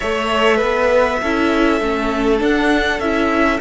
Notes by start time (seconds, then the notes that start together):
0.00 A3 A4 C#5 E5
0.57 B3 B4
1.22 C#4 E4 A4
1.80 A3 C#4
2.38 D4 F#5
2.99 C#4 E4 E5